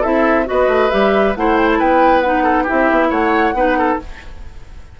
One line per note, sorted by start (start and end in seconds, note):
0.00 0.48 C4
0.00 0.45 E4
0.00 0.44 A4
0.00 0.47 E5
0.45 0.67 B3
0.45 0.89 F#4
0.45 1.37 B4
0.45 0.90 D#5
0.67 0.89 A3
0.90 1.36 G3
0.90 1.35 G4
0.90 1.34 E5
1.36 1.80 A3
1.36 2.24 E4
1.36 1.78 C5
1.36 1.57 F#5
1.57 1.68 G5
1.71 1.80 A5
1.78 2.68 B3
1.78 2.43 B4
1.78 2.20 G5
2.20 2.66 D#4
2.20 2.65 F#5
2.43 2.63 A4
2.63 3.54 E4
2.63 3.07 G4
2.63 3.10 E5
2.71 2.90 C4
2.90 3.10 B3
3.09 3.53 A3
3.09 3.53 C#5
3.09 3.98 F#5
3.53 3.97 B3
3.53 3.99 D#4
3.53 3.77 B4
3.77 4.00 A4